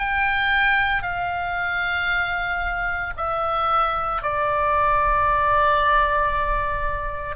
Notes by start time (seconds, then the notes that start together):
0.00 G5
1.03 F5
3.18 E5
4.22 D5